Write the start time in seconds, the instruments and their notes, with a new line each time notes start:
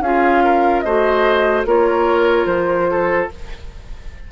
0.00 bassoon C#4, clarinet F4, oboe G#4, flute F5
0.44 oboe A#4
0.80 bassoon A3, clarinet F#4, oboe C5, flute D#5
1.65 bassoon A#3, clarinet F4, oboe A#4, flute C#5
2.45 bassoon F3, flute C5
2.90 oboe A4